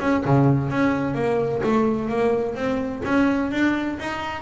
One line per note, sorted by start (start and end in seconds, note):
0.00 0.23 C#4
0.25 0.70 C#3
0.70 1.15 C#4
1.15 1.62 A#3
1.63 2.09 A3
2.09 2.55 A#3
2.55 3.02 C4
3.05 3.52 C#4
3.52 3.98 D4
3.99 4.42 D#4